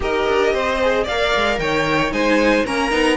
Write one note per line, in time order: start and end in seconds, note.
0.00 0.25 D#4
0.00 0.76 G4
0.00 0.53 A#4
0.00 1.07 D#5
0.28 0.53 D4
0.53 1.06 C4
0.53 1.03 C5
0.81 1.08 G#4
1.03 1.34 A#3
1.03 1.56 D5
1.03 1.59 F5
1.10 2.11 A#4
1.35 1.58 G#3
1.58 2.11 D#3
1.58 2.13 C#5
1.58 2.12 G5
2.11 2.64 G#3
2.11 2.64 D#4
2.11 2.65 C5
2.11 2.65 G#5
2.65 2.91 A#3
2.65 2.90 C#4
2.65 3.16 A#4
2.65 3.16 A#5
2.90 3.16 B3
2.90 3.16 D#4